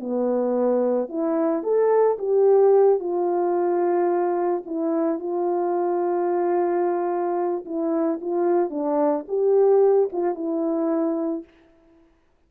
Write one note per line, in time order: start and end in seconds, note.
0.00 1.09 B3
1.09 1.63 E4
1.63 2.18 A4
2.19 3.00 G4
3.00 4.63 F4
4.66 5.20 E4
5.20 7.65 F4
7.65 8.20 E4
8.22 8.70 F4
8.70 9.25 D4
9.28 10.10 G4
10.13 10.35 F4
10.35 11.44 E4